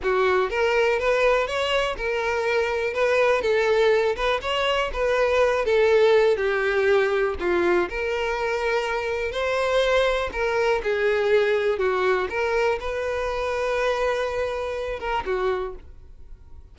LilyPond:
\new Staff \with { instrumentName = "violin" } { \time 4/4 \tempo 4 = 122 fis'4 ais'4 b'4 cis''4 | ais'2 b'4 a'4~ | a'8 b'8 cis''4 b'4. a'8~ | a'4 g'2 f'4 |
ais'2. c''4~ | c''4 ais'4 gis'2 | fis'4 ais'4 b'2~ | b'2~ b'8 ais'8 fis'4 | }